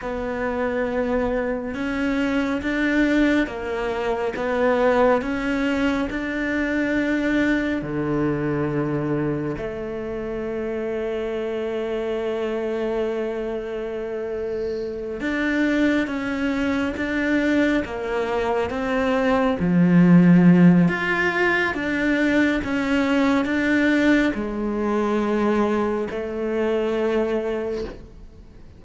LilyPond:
\new Staff \with { instrumentName = "cello" } { \time 4/4 \tempo 4 = 69 b2 cis'4 d'4 | ais4 b4 cis'4 d'4~ | d'4 d2 a4~ | a1~ |
a4. d'4 cis'4 d'8~ | d'8 ais4 c'4 f4. | f'4 d'4 cis'4 d'4 | gis2 a2 | }